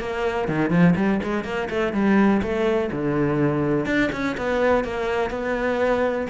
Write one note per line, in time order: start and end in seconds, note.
0.00 0.48 A#3
0.48 0.70 D#3
0.70 0.94 F3
0.96 1.20 G3
1.23 1.45 G#3
1.45 1.69 A#3
1.70 1.93 A3
1.93 2.41 G3
2.42 2.91 A3
2.92 3.86 D3
3.86 4.10 D4
4.12 4.36 C#4
4.37 4.84 B3
4.84 5.30 A#3
5.30 6.27 B3